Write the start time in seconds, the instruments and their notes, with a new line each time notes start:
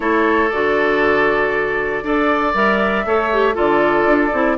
0.00 bassoon A3, clarinet E4, oboe A4, flute C#5
0.49 bassoon D3, clarinet F#4, flute D5
2.03 bassoon D4, clarinet A4, oboe D5
2.53 bassoon G3, clarinet A#4, flute E5
3.05 bassoon A3, clarinet A4, oboe C#5
3.32 clarinet G4
3.54 bassoon D3, clarinet F4, oboe A4, flute D5
4.06 bassoon D4
4.32 bassoon C4, clarinet E4